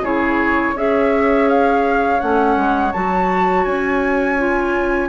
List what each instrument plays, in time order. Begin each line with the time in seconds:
0.00 bassoon C#3, clarinet E4, oboe G#4, flute C#5
0.74 bassoon C#4, clarinet G#4, oboe C#5, flute E5
1.49 flute F5
2.20 bassoon A3, clarinet C#4, flute F#5
2.57 bassoon G#3
2.93 bassoon F#3, clarinet F#4, flute A5
3.65 bassoon C#4, flute G#5
4.39 clarinet F4